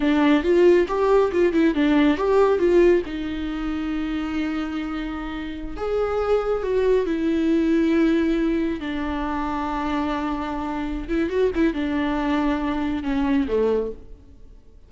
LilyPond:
\new Staff \with { instrumentName = "viola" } { \time 4/4 \tempo 4 = 138 d'4 f'4 g'4 f'8 e'8 | d'4 g'4 f'4 dis'4~ | dis'1~ | dis'4~ dis'16 gis'2 fis'8.~ |
fis'16 e'2.~ e'8.~ | e'16 d'2.~ d'8.~ | d'4. e'8 fis'8 e'8 d'4~ | d'2 cis'4 a4 | }